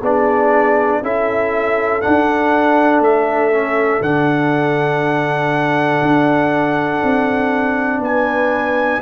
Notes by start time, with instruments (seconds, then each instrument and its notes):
0.00 tuba B3, trombone D4, horn G#4, trumpet D5
1.02 tuba C#4, trombone E4, horn A4, trumpet E5
2.01 trombone D4, tuba D4, trumpet F#5
3.00 tuba A3, trumpet E5
3.51 trombone C#4
4.01 tuba D3, trombone D4, trumpet F#5
6.02 tuba D4
7.02 tuba C4
7.99 tuba B3, horn B4, trumpet G#5